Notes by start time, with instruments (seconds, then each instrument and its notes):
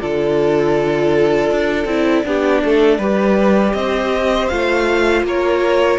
0.00 cello D3, viola F4, violin A4 D5
1.51 cello D4
1.85 cello C4, viola E4
2.25 cello B3, viola D4, violin G4
2.65 cello A3, violin A4
2.98 cello G3, viola G4, violin B4
3.74 cello C4, violin C5 D#5
4.48 cello A3, viola F4, violin F5
5.23 cello A#3, violin A#4 C#5